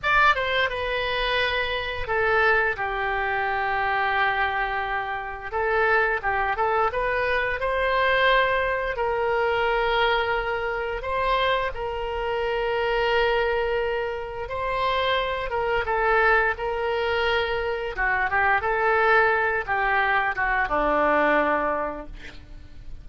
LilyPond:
\new Staff \with { instrumentName = "oboe" } { \time 4/4 \tempo 4 = 87 d''8 c''8 b'2 a'4 | g'1 | a'4 g'8 a'8 b'4 c''4~ | c''4 ais'2. |
c''4 ais'2.~ | ais'4 c''4. ais'8 a'4 | ais'2 fis'8 g'8 a'4~ | a'8 g'4 fis'8 d'2 | }